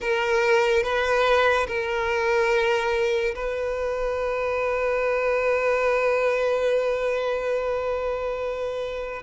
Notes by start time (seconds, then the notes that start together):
0.00 A#4
0.83 B4
1.67 A#4
3.35 B4